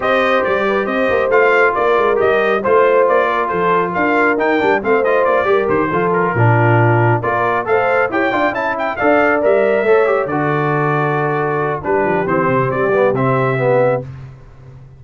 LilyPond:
<<
  \new Staff \with { instrumentName = "trumpet" } { \time 4/4 \tempo 4 = 137 dis''4 d''4 dis''4 f''4 | d''4 dis''4 c''4 d''4 | c''4 f''4 g''4 f''8 dis''8 | d''4 c''4 ais'2~ |
ais'8 d''4 f''4 g''4 a''8 | g''8 f''4 e''2 d''8~ | d''2. b'4 | c''4 d''4 e''2 | }
  \new Staff \with { instrumentName = "horn" } { \time 4/4 c''4. b'8 c''2 | ais'2 c''4. ais'8 | a'4 ais'2 c''4~ | c''8 ais'4 a'4 f'4.~ |
f'8 ais'4 c''4 cis''8 d''8 e''8~ | e''8 d''2 cis''4 a'8~ | a'2. g'4~ | g'1 | }
  \new Staff \with { instrumentName = "trombone" } { \time 4/4 g'2. f'4~ | f'4 g'4 f'2~ | f'2 dis'8 d'8 c'8 f'8~ | f'8 g'4 f'4 d'4.~ |
d'8 f'4 a'4 g'8 f'8 e'8~ | e'8 a'4 ais'4 a'8 g'8 fis'8~ | fis'2. d'4 | c'4. b8 c'4 b4 | }
  \new Staff \with { instrumentName = "tuba" } { \time 4/4 c'4 g4 c'8 ais8 a4 | ais8 gis8 g4 a4 ais4 | f4 d'4 dis'8 g8 a4 | ais8 g8 dis8 f4 ais,4.~ |
ais,8 ais4 a4 e'8 d'8 cis'8~ | cis'8 d'4 g4 a4 d8~ | d2. g8 f8 | e8 c8 g4 c2 | }
>>